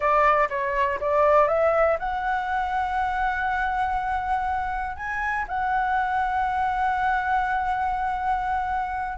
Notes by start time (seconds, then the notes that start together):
0.00 D5
0.49 C#5
1.00 D5
1.47 E5
1.99 F#5
4.96 G#5
5.48 F#5